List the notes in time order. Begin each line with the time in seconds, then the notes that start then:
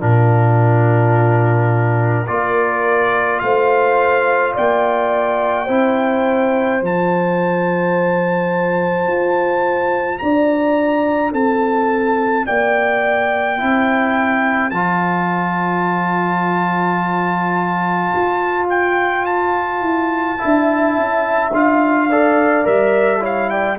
0.00 A#2 D4 F4 A#4
2.28 A#3 F4 A#4 D5
3.39 A3 C5 F5
4.54 A#3 D5 G5
5.65 C4 E4 C5
6.81 F3 F4 A5
9.07 F4
10.19 D4 D5 A#5
11.32 C4 A4 A5
12.47 A#3 D5 G5
13.58 C4 E4 C5
14.71 F3 F4 A5
18.16 F4
18.70 G5
19.26 A5
19.81 E4
20.39 D4 E4 E5
20.98 C#4
21.52 D4 F4 F5
22.11 A4 D5
22.64 G3 A#4 E5
23.21 E4 C#5 F5
23.50 D5 G5